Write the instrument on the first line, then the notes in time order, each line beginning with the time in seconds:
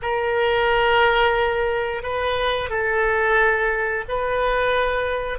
oboe
0.02 A#4
2.03 B4
2.69 A4
4.08 B4